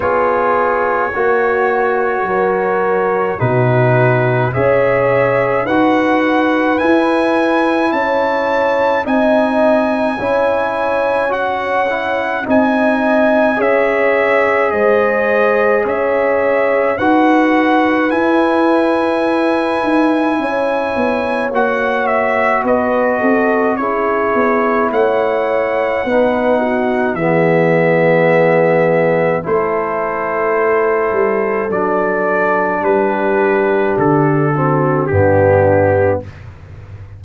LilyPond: <<
  \new Staff \with { instrumentName = "trumpet" } { \time 4/4 \tempo 4 = 53 cis''2. b'4 | e''4 fis''4 gis''4 a''4 | gis''2 fis''4 gis''4 | e''4 dis''4 e''4 fis''4 |
gis''2. fis''8 e''8 | dis''4 cis''4 fis''2 | e''2 c''2 | d''4 b'4 a'4 g'4 | }
  \new Staff \with { instrumentName = "horn" } { \time 4/4 gis'4 fis'4 ais'4 fis'4 | cis''4 b'2 cis''4 | dis''4 cis''2 dis''4 | cis''4 c''4 cis''4 b'4~ |
b'2 cis''2 | b'8 a'8 gis'4 cis''4 b'8 fis'8 | gis'2 a'2~ | a'4 g'4. fis'8 d'4 | }
  \new Staff \with { instrumentName = "trombone" } { \time 4/4 f'4 fis'2 dis'4 | gis'4 fis'4 e'2 | dis'4 e'4 fis'8 e'8 dis'4 | gis'2. fis'4 |
e'2. fis'4~ | fis'4 e'2 dis'4 | b2 e'2 | d'2~ d'8 c'8 b4 | }
  \new Staff \with { instrumentName = "tuba" } { \time 4/4 b4 ais4 fis4 b,4 | cis'4 dis'4 e'4 cis'4 | c'4 cis'2 c'4 | cis'4 gis4 cis'4 dis'4 |
e'4. dis'8 cis'8 b8 ais4 | b8 c'8 cis'8 b8 a4 b4 | e2 a4. g8 | fis4 g4 d4 g,4 | }
>>